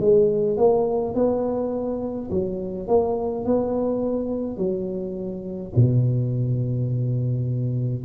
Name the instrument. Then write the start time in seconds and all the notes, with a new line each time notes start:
tuba
0.00 G#3
0.57 A#3
1.14 B3
2.31 F#3
2.87 A#3
3.45 B3
4.57 F#3
5.76 B2